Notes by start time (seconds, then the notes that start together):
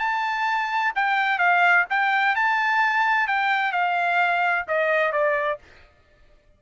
0.00 A5
0.96 G5
1.39 F5
1.90 G5
2.36 A5
3.28 G5
3.73 F5
4.68 D#5
5.12 D5